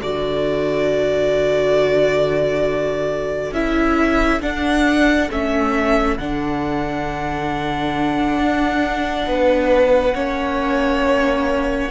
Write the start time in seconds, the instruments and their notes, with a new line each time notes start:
0.00 cello D3, viola F#4, violin A4 D5
3.52 cello C#4, viola E4, violin E5
4.42 viola D4, cello D4, violin F#5
5.30 cello A3, viola C#4, violin E5
6.18 cello D3, viola D4, violin F#5
8.38 cello D4
9.26 cello B3, violin B4
10.15 cello A#3, viola C#4, violin C#5